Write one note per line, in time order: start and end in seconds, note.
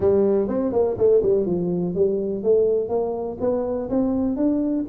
0.00 0.48 G3
0.48 0.72 C4
0.72 0.96 A#3
0.97 1.22 A3
1.22 1.45 G3
1.45 1.94 F3
1.94 2.43 G3
2.43 2.88 A3
2.88 3.37 A#3
3.40 3.89 B3
3.89 4.36 C4
4.36 4.85 D4